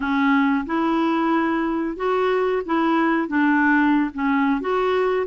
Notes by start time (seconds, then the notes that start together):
0.00 C#4
0.66 E4
1.96 F#4
2.65 E4
3.28 D4
4.14 C#4
4.61 F#4